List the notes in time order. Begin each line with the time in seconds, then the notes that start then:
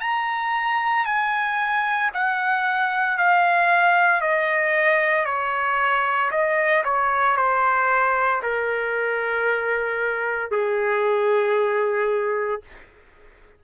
0.00 A#5
1.05 G#5
2.13 F#5
3.18 F5
4.21 D#5
5.25 C#5
6.31 D#5
6.84 C#5
7.36 C5
8.43 A#4
10.51 G#4